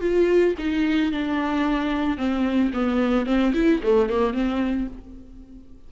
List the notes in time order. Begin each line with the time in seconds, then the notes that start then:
0.00 F4
0.58 D#4
1.11 D4
2.17 C4
2.73 B3
3.26 C4
3.54 E4
3.82 A3
4.09 A#3
4.33 C4